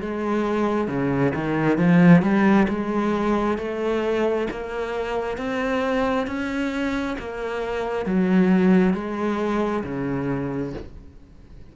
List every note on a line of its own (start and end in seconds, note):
0.00 0.87 G#3
0.87 1.32 C#3
1.34 1.77 D#3
1.77 2.22 F3
2.22 2.67 G3
2.68 3.57 G#3
3.57 4.47 A3
4.50 5.37 A#3
5.37 6.26 C4
6.26 7.16 C#4
7.18 8.05 A#3
8.05 8.93 F#3
8.93 9.83 G#3
9.83 10.73 C#3